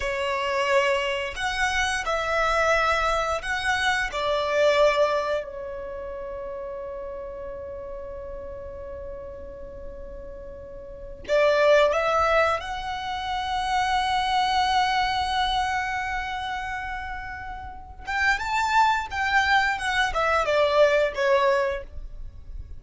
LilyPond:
\new Staff \with { instrumentName = "violin" } { \time 4/4 \tempo 4 = 88 cis''2 fis''4 e''4~ | e''4 fis''4 d''2 | cis''1~ | cis''1~ |
cis''8 d''4 e''4 fis''4.~ | fis''1~ | fis''2~ fis''8 g''8 a''4 | g''4 fis''8 e''8 d''4 cis''4 | }